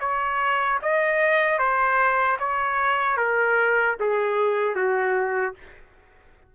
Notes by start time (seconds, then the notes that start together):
0.00 C#5
0.82 D#5
1.59 C5
2.40 C#5
3.17 A#4
4.00 G#4
4.75 F#4